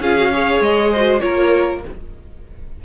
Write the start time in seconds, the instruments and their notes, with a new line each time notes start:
0.00 cello C#4, viola F4, violin G#4 F5
0.17 viola F#4
0.33 viola G#4, violin C#5
0.60 cello G#3, violin D#5
0.92 viola F#4, violin C5
1.20 cello A#3, viola F4, violin A#4 C#5